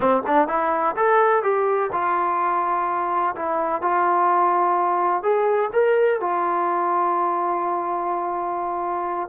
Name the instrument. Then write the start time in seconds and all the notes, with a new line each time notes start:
trombone
0.00 C4
0.27 D4
0.48 E4
0.96 A4
1.42 G4
1.92 F4
3.35 E4
3.81 F4
5.23 G#4
5.72 A#4
6.20 F4